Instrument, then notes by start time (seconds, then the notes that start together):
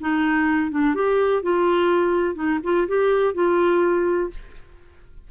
clarinet
0.00 D#4
0.71 D4
0.94 G4
1.42 F4
2.35 D#4
2.63 F4
2.88 G4
3.34 F4